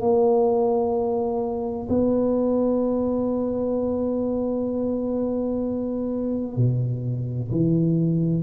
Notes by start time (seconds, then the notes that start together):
0.00 A#3
1.89 B3
6.56 B2
7.51 E3